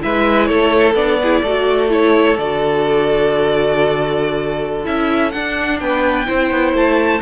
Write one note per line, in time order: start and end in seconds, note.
0.00 0.49 G#3
0.00 0.94 E4
0.00 0.48 B4
0.00 0.46 E5
0.46 0.94 A3
0.46 1.19 A4
0.46 0.93 C#5
0.94 1.41 B3
0.94 1.20 D4
0.94 1.90 D5
1.22 1.47 E4
1.22 1.42 G#4
1.42 2.38 A3
1.42 1.89 F#4
1.42 5.79 A4
1.89 2.36 E4
1.89 2.37 C#5
2.37 4.86 D3
2.37 4.84 F#4
2.37 4.85 D5
4.84 5.34 C#4
4.84 5.31 E4
4.84 5.31 E5
5.31 5.80 D4
5.31 6.26 D4
5.31 5.78 F#5
5.80 6.28 B3
5.80 6.28 B4
5.80 6.74 G5
6.26 6.51 C4
6.26 7.21 E4
6.26 7.21 C5
6.51 6.73 B3
6.73 7.21 A3
6.73 7.21 A5